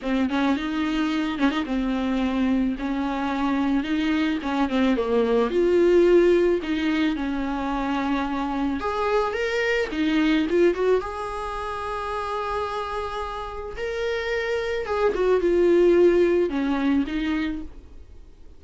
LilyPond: \new Staff \with { instrumentName = "viola" } { \time 4/4 \tempo 4 = 109 c'8 cis'8 dis'4. cis'16 dis'16 c'4~ | c'4 cis'2 dis'4 | cis'8 c'8 ais4 f'2 | dis'4 cis'2. |
gis'4 ais'4 dis'4 f'8 fis'8 | gis'1~ | gis'4 ais'2 gis'8 fis'8 | f'2 cis'4 dis'4 | }